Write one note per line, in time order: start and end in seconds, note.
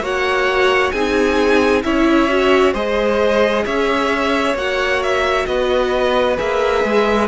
0.00 0.91 A#3
0.00 0.93 F#4
0.00 0.93 C#5
0.00 0.91 F#5
0.91 1.84 C4
0.91 1.83 D#4
0.91 1.84 G#4
0.91 1.82 G#5
1.82 2.74 C#4
1.82 2.28 E4
1.82 2.73 C#5
1.82 2.73 E5
2.28 2.74 F#4
2.73 3.65 G#3
2.73 4.56 G#4
2.73 3.64 C5
2.73 3.65 D#5
3.65 4.54 C#4
3.65 5.47 C#5
3.65 4.56 E5
4.54 5.45 A#3
4.54 6.37 F#4
4.54 5.02 F#5
5.02 5.46 E5
5.46 6.38 B3
5.46 7.28 B4
5.46 6.37 D#5
6.37 6.84 A#3
6.37 7.28 G#4
6.37 7.28 E5
6.84 7.28 G#3